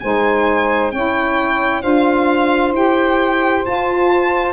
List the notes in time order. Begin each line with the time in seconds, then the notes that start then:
0.00 G#3 D#4 C5 G#5
0.91 C#4 E4 C#5 G5
1.82 D4 F4 C5 F5
2.72 E4 G4 G5
3.65 F4 A5